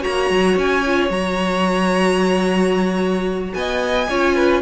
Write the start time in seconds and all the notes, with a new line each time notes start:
0.00 F#4 C#5 A#5
0.07 A#3
0.30 F#3
0.57 C#4 G#5
0.86 F4
1.09 F#3 F#4 A#5
3.54 B3 D#5 G#5
4.09 C#4 F4 C#5
4.36 B4